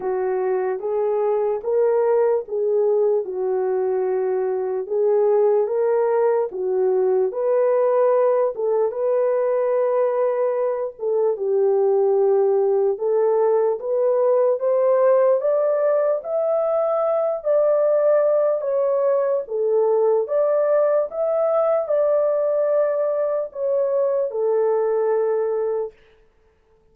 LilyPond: \new Staff \with { instrumentName = "horn" } { \time 4/4 \tempo 4 = 74 fis'4 gis'4 ais'4 gis'4 | fis'2 gis'4 ais'4 | fis'4 b'4. a'8 b'4~ | b'4. a'8 g'2 |
a'4 b'4 c''4 d''4 | e''4. d''4. cis''4 | a'4 d''4 e''4 d''4~ | d''4 cis''4 a'2 | }